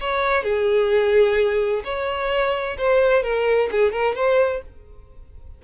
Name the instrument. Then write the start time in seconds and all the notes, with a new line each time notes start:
violin
0.00 C#5
0.43 G#4
1.84 C#5
2.78 C5
3.23 A#4
3.71 G#4
3.92 A#4
4.15 C5